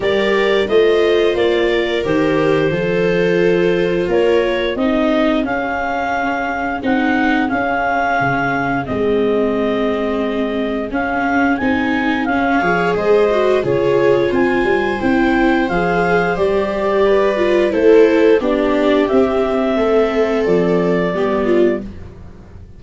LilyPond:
<<
  \new Staff \with { instrumentName = "clarinet" } { \time 4/4 \tempo 4 = 88 d''4 dis''4 d''4 c''4~ | c''2 cis''4 dis''4 | f''2 fis''4 f''4~ | f''4 dis''2. |
f''4 gis''4 f''4 dis''4 | cis''4 gis''4 g''4 f''4 | d''2 c''4 d''4 | e''2 d''2 | }
  \new Staff \with { instrumentName = "viola" } { \time 4/4 ais'4 c''4. ais'4. | a'2 ais'4 gis'4~ | gis'1~ | gis'1~ |
gis'2~ gis'8 cis''8 c''4 | gis'4 c''2.~ | c''4 b'4 a'4 g'4~ | g'4 a'2 g'8 f'8 | }
  \new Staff \with { instrumentName = "viola" } { \time 4/4 g'4 f'2 g'4 | f'2. dis'4 | cis'2 dis'4 cis'4~ | cis'4 c'2. |
cis'4 dis'4 cis'8 gis'4 fis'8 | f'2 e'4 gis'4 | g'4. f'8 e'4 d'4 | c'2. b4 | }
  \new Staff \with { instrumentName = "tuba" } { \time 4/4 g4 a4 ais4 dis4 | f2 ais4 c'4 | cis'2 c'4 cis'4 | cis4 gis2. |
cis'4 c'4 cis'8 f8 gis4 | cis4 c'8 g8 c'4 f4 | g2 a4 b4 | c'4 a4 f4 g4 | }
>>